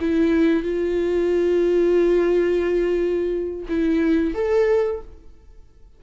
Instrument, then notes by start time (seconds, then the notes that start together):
viola
0.00 E4
0.63 F4
3.68 E4
4.34 A4